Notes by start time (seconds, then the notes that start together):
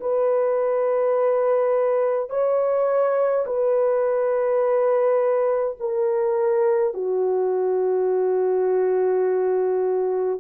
0.00 B4
2.30 C#5
3.46 B4
5.80 A#4
6.93 F#4